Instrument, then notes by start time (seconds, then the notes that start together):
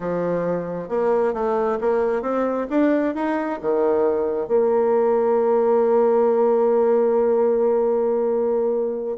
bassoon
0.00 F3
0.88 A#3
1.33 A3
1.80 A#3
2.22 C4
2.69 D4
3.14 D#4
3.61 D#3
4.47 A#3